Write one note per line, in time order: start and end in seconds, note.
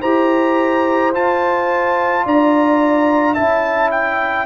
0.00 1.14 E4
0.00 1.12 G4
0.00 2.22 C5
0.00 1.12 A#5
1.14 2.25 F4
1.14 3.36 F4
1.14 2.25 A5
2.25 3.36 D4
2.25 3.34 D5
2.25 3.34 A#5
3.34 4.46 C#4
3.34 4.46 E4
3.34 4.45 E5
3.34 3.90 A5
3.91 4.46 G5